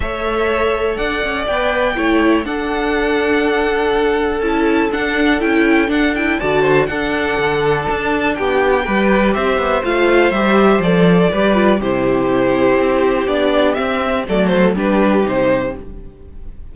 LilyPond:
<<
  \new Staff \with { instrumentName = "violin" } { \time 4/4 \tempo 4 = 122 e''2 fis''4 g''4~ | g''4 fis''2.~ | fis''4 a''4 fis''4 g''4 | fis''8 g''8 a''4 fis''2 |
a''4 g''2 e''4 | f''4 e''4 d''2 | c''2. d''4 | e''4 d''8 c''8 b'4 c''4 | }
  \new Staff \with { instrumentName = "violin" } { \time 4/4 cis''2 d''2 | cis''4 a'2.~ | a'1~ | a'4 d''8 c''8 a'2~ |
a'4 g'4 b'4 c''4~ | c''2. b'4 | g'1~ | g'4 a'4 g'2 | }
  \new Staff \with { instrumentName = "viola" } { \time 4/4 a'2. b'4 | e'4 d'2.~ | d'4 e'4 d'4 e'4 | d'8 e'8 fis'4 d'2~ |
d'2 g'2 | f'4 g'4 a'4 g'8 f'8 | e'2. d'4 | c'4 a4 d'4 dis'4 | }
  \new Staff \with { instrumentName = "cello" } { \time 4/4 a2 d'8 cis'8 b4 | a4 d'2.~ | d'4 cis'4 d'4 cis'4 | d'4 d4 d'4 d4 |
d'4 b4 g4 c'8 b8 | a4 g4 f4 g4 | c2 c'4 b4 | c'4 fis4 g4 c4 | }
>>